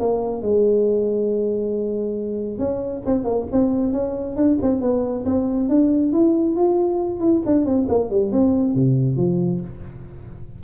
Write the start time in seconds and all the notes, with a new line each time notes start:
0.00 A#3
0.42 G#3
2.59 C#4
3.06 C4
3.24 A#3
3.52 C4
3.93 C#4
4.36 D4
4.62 C4
4.81 B3
5.26 C4
5.69 D4
6.13 E4
6.57 F4
7.20 E4
7.46 D4
7.65 C4
7.89 A#3
8.11 G3
8.32 C4
8.75 C3
9.17 F3